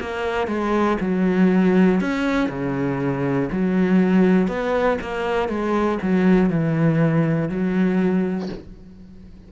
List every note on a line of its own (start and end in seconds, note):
0.00 0.47 A#3
0.47 0.97 G#3
1.01 2.00 F#3
2.00 2.50 C#4
2.50 3.50 C#3
3.52 4.48 F#3
4.48 4.98 B3
5.02 5.49 A#3
5.49 5.99 G#3
6.02 6.50 F#3
6.50 7.50 E3
7.50 8.50 F#3